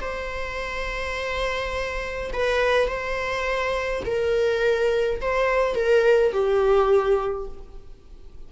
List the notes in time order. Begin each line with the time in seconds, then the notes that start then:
0.00 C5
2.33 B4
2.88 C5
4.05 A#4
5.21 C5
5.75 A#4
6.33 G4